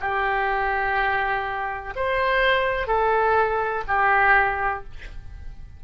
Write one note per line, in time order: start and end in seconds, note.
0.00 1.94 G4
1.95 2.87 C5
2.87 3.84 A4
3.87 4.84 G4